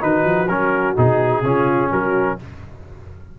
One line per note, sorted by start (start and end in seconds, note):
0.00 0.25 D#3
0.00 0.47 D#4
0.00 1.44 F#4
0.00 0.48 B4
0.25 0.48 F3
0.48 0.95 F#3
0.48 0.96 C#4
0.48 0.95 A#4
0.96 1.43 B2
0.96 1.43 D#4
0.96 1.92 G#4
1.43 1.90 C#3
1.43 2.39 C#4
1.43 1.90 F4
1.90 2.39 F#3
1.90 2.38 F#4
1.90 2.39 A#4